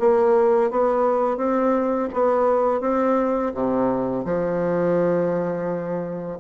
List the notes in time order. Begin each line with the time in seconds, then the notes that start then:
0.00 A#3
0.71 B3
1.38 C4
2.14 B3
2.81 C4
3.55 C3
4.25 F3